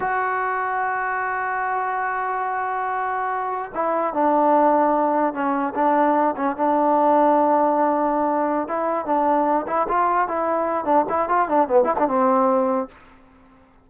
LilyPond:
\new Staff \with { instrumentName = "trombone" } { \time 4/4 \tempo 4 = 149 fis'1~ | fis'1~ | fis'4~ fis'16 e'4 d'4.~ d'16~ | d'4~ d'16 cis'4 d'4. cis'16~ |
cis'16 d'2.~ d'8.~ | d'4. e'4 d'4. | e'8 f'4 e'4. d'8 e'8 | f'8 d'8 b8 e'16 d'16 c'2 | }